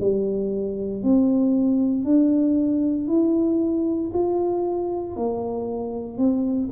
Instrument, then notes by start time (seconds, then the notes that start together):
tuba
0.00 G3
1.03 C4
2.04 D4
3.08 E4
4.13 F4
5.16 A#3
6.17 C4